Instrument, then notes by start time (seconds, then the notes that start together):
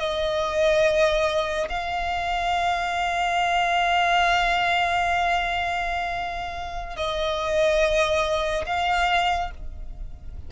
violin
0.00 D#5
1.69 F5
6.97 D#5
8.67 F5